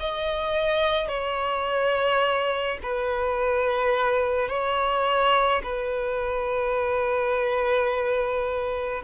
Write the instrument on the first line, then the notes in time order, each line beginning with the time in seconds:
violin
0.00 D#5
1.08 C#5
2.83 B4
4.48 C#5
5.63 B4